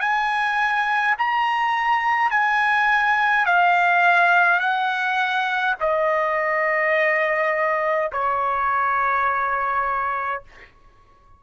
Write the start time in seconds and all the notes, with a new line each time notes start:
0.00 G#5
1.18 A#5
2.30 G#5
3.46 F5
4.59 F#5
5.80 D#5
8.12 C#5